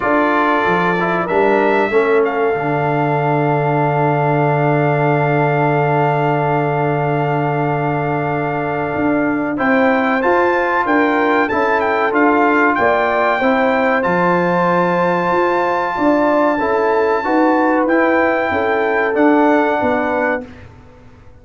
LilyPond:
<<
  \new Staff \with { instrumentName = "trumpet" } { \time 4/4 \tempo 4 = 94 d''2 e''4. f''8~ | f''1~ | f''1~ | f''2. g''4 |
a''4 g''4 a''8 g''8 f''4 | g''2 a''2~ | a''1 | g''2 fis''2 | }
  \new Staff \with { instrumentName = "horn" } { \time 4/4 a'2 ais'4 a'4~ | a'1~ | a'1~ | a'2. c''4~ |
c''4 ais'4 a'2 | d''4 c''2.~ | c''4 d''4 a'4 b'4~ | b'4 a'2 b'4 | }
  \new Staff \with { instrumentName = "trombone" } { \time 4/4 f'4. e'8 d'4 cis'4 | d'1~ | d'1~ | d'2. e'4 |
f'2 e'4 f'4~ | f'4 e'4 f'2~ | f'2 e'4 fis'4 | e'2 d'2 | }
  \new Staff \with { instrumentName = "tuba" } { \time 4/4 d'4 f4 g4 a4 | d1~ | d1~ | d2 d'4 c'4 |
f'4 d'4 cis'4 d'4 | ais4 c'4 f2 | f'4 d'4 cis'4 dis'4 | e'4 cis'4 d'4 b4 | }
>>